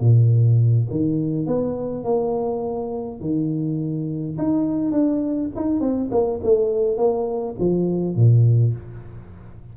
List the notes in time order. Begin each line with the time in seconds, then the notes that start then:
0.00 A#2
0.90 D#3
1.46 B3
2.04 A#3
3.20 D#3
4.38 D#4
4.91 D4
5.56 D#4
5.80 C4
6.11 A#3
6.43 A3
6.97 A#3
7.59 F3
8.16 A#2